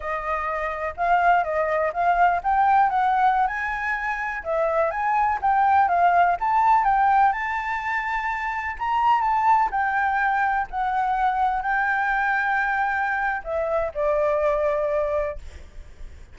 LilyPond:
\new Staff \with { instrumentName = "flute" } { \time 4/4 \tempo 4 = 125 dis''2 f''4 dis''4 | f''4 g''4 fis''4~ fis''16 gis''8.~ | gis''4~ gis''16 e''4 gis''4 g''8.~ | g''16 f''4 a''4 g''4 a''8.~ |
a''2~ a''16 ais''4 a''8.~ | a''16 g''2 fis''4.~ fis''16~ | fis''16 g''2.~ g''8. | e''4 d''2. | }